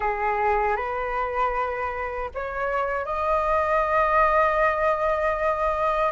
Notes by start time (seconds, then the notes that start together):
0.00 G#4
0.76 B4
2.34 C#5
3.05 D#5